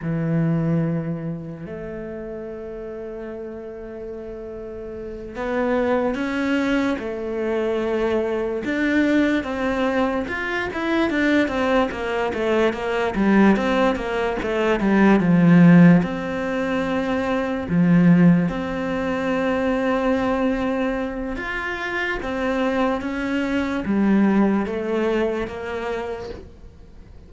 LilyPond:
\new Staff \with { instrumentName = "cello" } { \time 4/4 \tempo 4 = 73 e2 a2~ | a2~ a8 b4 cis'8~ | cis'8 a2 d'4 c'8~ | c'8 f'8 e'8 d'8 c'8 ais8 a8 ais8 |
g8 c'8 ais8 a8 g8 f4 c'8~ | c'4. f4 c'4.~ | c'2 f'4 c'4 | cis'4 g4 a4 ais4 | }